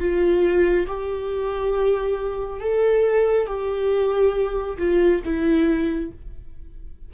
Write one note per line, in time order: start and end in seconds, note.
0.00 0.87 F4
0.87 2.60 G4
2.60 3.47 A4
3.47 4.77 G4
4.79 5.22 F4
5.25 6.12 E4